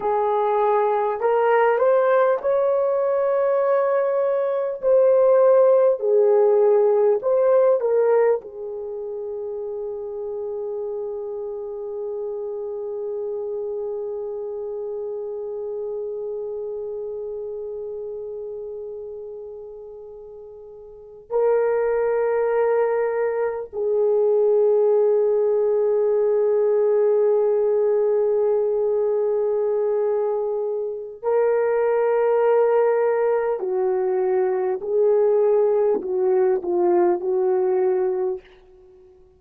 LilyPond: \new Staff \with { instrumentName = "horn" } { \time 4/4 \tempo 4 = 50 gis'4 ais'8 c''8 cis''2 | c''4 gis'4 c''8 ais'8 gis'4~ | gis'1~ | gis'1~ |
gis'4.~ gis'16 ais'2 gis'16~ | gis'1~ | gis'2 ais'2 | fis'4 gis'4 fis'8 f'8 fis'4 | }